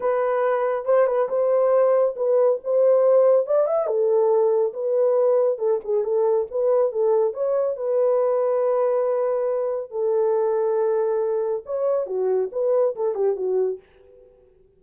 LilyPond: \new Staff \with { instrumentName = "horn" } { \time 4/4 \tempo 4 = 139 b'2 c''8 b'8 c''4~ | c''4 b'4 c''2 | d''8 e''8 a'2 b'4~ | b'4 a'8 gis'8 a'4 b'4 |
a'4 cis''4 b'2~ | b'2. a'4~ | a'2. cis''4 | fis'4 b'4 a'8 g'8 fis'4 | }